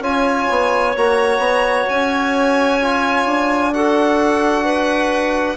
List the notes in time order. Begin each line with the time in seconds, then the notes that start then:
0.00 C#4 F4 C#5 G#5
0.50 B3
0.96 A#3 F#4 A#5
1.39 B3
1.89 C#4 G#5
2.81 F4
3.26 D4
3.74 F#4 A4 F#5
4.65 B4